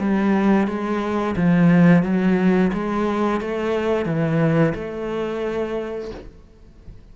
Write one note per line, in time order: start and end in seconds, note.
0.00 0.68 G3
0.68 1.36 G#3
1.36 2.03 F3
2.03 2.71 F#3
2.74 3.42 G#3
3.42 4.06 A3
4.06 4.74 E3
4.75 6.11 A3